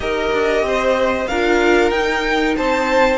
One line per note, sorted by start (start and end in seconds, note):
0.00 0.31 D#4
0.00 1.26 G4
0.00 0.65 A#4
0.00 1.27 D#5
0.32 0.62 D4
0.62 1.26 C4
0.62 1.28 C5
1.27 1.90 D4
1.27 1.93 F4
1.27 2.56 A#4
1.27 1.90 F5
1.90 2.54 D#4
1.90 3.17 D#4
1.90 2.54 G5
2.56 3.17 C4
2.56 3.17 C5
2.56 3.17 A5